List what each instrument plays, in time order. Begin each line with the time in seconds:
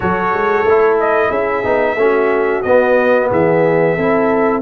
0.00 tuba F#3, trombone F#4, horn A4, trumpet C#5
0.33 tuba G#3
0.63 tuba A3, trombone E4
1.00 trumpet D#5
1.28 tuba C#4, horn G#4, trumpet E5
1.63 tuba B3, trombone D#4
1.96 tuba A3, trombone C#4, horn F#4
2.62 tuba B3, trombone B3, trumpet D#5
3.30 tuba E3, horn G#4, trumpet E5
3.95 tuba C4, trombone E4, horn A4